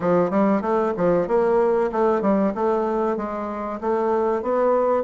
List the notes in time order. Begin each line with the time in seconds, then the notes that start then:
0.00 F3
0.30 G3
0.61 A3
0.96 F3
1.27 A#3
1.91 A3
2.21 G3
2.54 A3
3.17 G#3
3.80 A3
4.42 B3